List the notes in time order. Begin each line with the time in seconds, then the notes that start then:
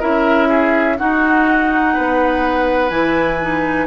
0.00 C#4 E4 A#4 E5
0.49 G#4
0.98 D#4 F#4 F#5
1.94 B3 B4
2.90 E3 E4 G#5
3.42 D#4